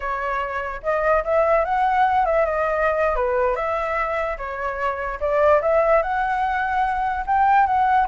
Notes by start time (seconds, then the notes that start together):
0.00 C#5
0.82 D#5
1.24 E5
1.65 F#5
2.25 E5
2.45 D#5
3.15 B4
3.55 E5
4.37 C#5
5.20 D5
5.61 E5
6.02 F#5
7.26 G5
7.66 F#5